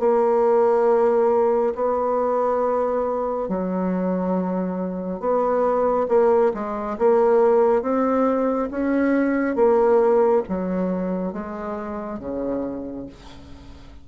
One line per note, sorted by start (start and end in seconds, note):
0.00 1.74 A#3
1.75 3.49 B3
3.49 5.20 F#3
5.20 6.07 B3
6.09 6.52 A#3
6.54 6.98 G#3
6.98 7.82 A#3
7.82 8.69 C4
8.71 9.56 C#4
9.56 10.43 A#3
10.49 11.33 F#3
11.33 12.19 G#3
12.19 13.06 C#3